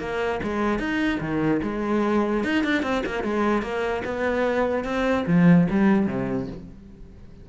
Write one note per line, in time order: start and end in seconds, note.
0.00 0.41 A#3
0.43 0.79 G#3
0.79 1.20 D#4
1.21 1.61 D#3
1.63 2.44 G#3
2.45 2.64 D#4
2.64 2.83 D4
2.83 3.04 C4
3.06 3.24 A#3
3.24 3.63 G#3
3.63 4.03 A#3
4.05 4.85 B3
4.85 5.25 C4
5.27 5.68 F3
5.71 6.07 G3
6.07 6.48 C3